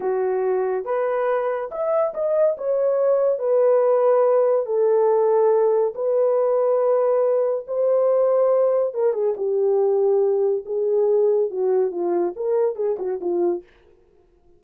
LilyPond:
\new Staff \with { instrumentName = "horn" } { \time 4/4 \tempo 4 = 141 fis'2 b'2 | e''4 dis''4 cis''2 | b'2. a'4~ | a'2 b'2~ |
b'2 c''2~ | c''4 ais'8 gis'8 g'2~ | g'4 gis'2 fis'4 | f'4 ais'4 gis'8 fis'8 f'4 | }